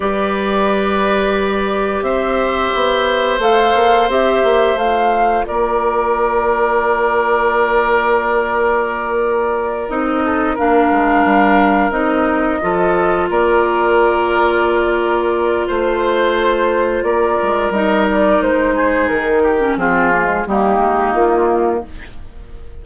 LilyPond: <<
  \new Staff \with { instrumentName = "flute" } { \time 4/4 \tempo 4 = 88 d''2. e''4~ | e''4 f''4 e''4 f''4 | d''1~ | d''2~ d''8 dis''4 f''8~ |
f''4. dis''2 d''8~ | d''2. c''4~ | c''4 d''4 dis''8 d''8 c''4 | ais'4 gis'4 g'4 f'4 | }
  \new Staff \with { instrumentName = "oboe" } { \time 4/4 b'2. c''4~ | c''1 | ais'1~ | ais'2. a'8 ais'8~ |
ais'2~ ais'8 a'4 ais'8~ | ais'2. c''4~ | c''4 ais'2~ ais'8 gis'8~ | gis'8 g'8 f'4 dis'2 | }
  \new Staff \with { instrumentName = "clarinet" } { \time 4/4 g'1~ | g'4 a'4 g'4 f'4~ | f'1~ | f'2~ f'8 dis'4 d'8~ |
d'4. dis'4 f'4.~ | f'1~ | f'2 dis'2~ | dis'8. cis'16 c'8 ais16 gis16 ais2 | }
  \new Staff \with { instrumentName = "bassoon" } { \time 4/4 g2. c'4 | b4 a8 ais8 c'8 ais8 a4 | ais1~ | ais2~ ais8 c'4 ais8 |
gis8 g4 c'4 f4 ais8~ | ais2. a4~ | a4 ais8 gis8 g4 gis4 | dis4 f4 g8 gis8 ais4 | }
>>